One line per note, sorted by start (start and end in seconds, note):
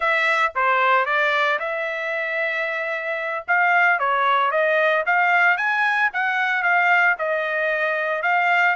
0.00 0.52 E5
0.55 1.05 C5
1.05 1.58 D5
1.59 3.45 E5
3.47 3.99 F5
3.99 4.51 C#5
4.51 5.04 D#5
5.05 5.57 F5
5.57 6.10 G#5
6.13 6.62 F#5
6.62 7.15 F5
7.18 8.22 D#5
8.22 8.75 F5